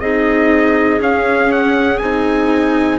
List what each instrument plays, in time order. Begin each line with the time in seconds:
0.00 bassoon C4, cello D#4, clarinet G#4, trumpet D#5
1.00 bassoon C#4, cello C#4, trumpet F5
1.52 trumpet F#5
1.98 bassoon C4, cello D#4, trumpet G#5